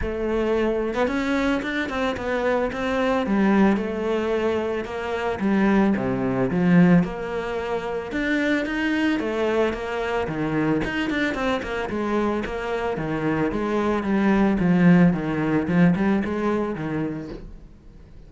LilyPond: \new Staff \with { instrumentName = "cello" } { \time 4/4 \tempo 4 = 111 a4.~ a16 b16 cis'4 d'8 c'8 | b4 c'4 g4 a4~ | a4 ais4 g4 c4 | f4 ais2 d'4 |
dis'4 a4 ais4 dis4 | dis'8 d'8 c'8 ais8 gis4 ais4 | dis4 gis4 g4 f4 | dis4 f8 g8 gis4 dis4 | }